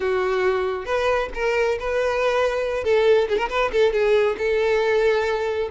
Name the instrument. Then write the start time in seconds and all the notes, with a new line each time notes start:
violin
0.00 F#4
0.85 B4
1.34 A#4
1.79 B4
2.84 A4
3.28 G#4
3.37 A#4
3.49 B4
3.71 A4
3.92 G#4
4.38 A4